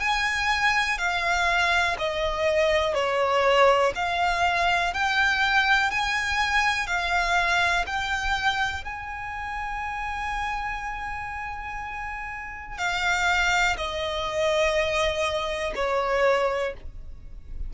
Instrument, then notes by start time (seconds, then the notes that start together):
violin
0.00 G#5
0.98 F5
1.99 D#5
2.95 C#5
3.95 F5
4.94 G5
5.91 G#5
6.87 F5
7.87 G5
8.85 G#5
12.78 F5
13.77 D#5
15.76 C#5